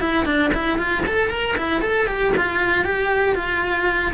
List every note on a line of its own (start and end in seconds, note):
0.00 0.25 E4
0.25 0.51 D4
0.54 0.78 E4
0.78 1.04 F4
1.06 1.30 A4
1.30 1.56 A#4
1.57 1.81 E4
1.81 2.07 A4
2.07 2.33 G4
2.37 2.84 F4
2.84 3.35 G4
3.35 4.12 F4